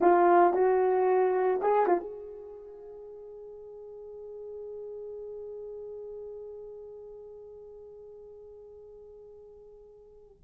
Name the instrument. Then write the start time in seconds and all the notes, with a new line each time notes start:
horn
0.00 F4
0.53 F#4
1.61 G#4
1.86 F4
2.00 G#4